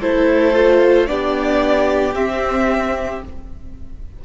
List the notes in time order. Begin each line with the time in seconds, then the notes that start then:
0.00 A3 E4 A4 C5
0.53 F4
1.06 B3 D4 G4 D5
2.14 C4 E5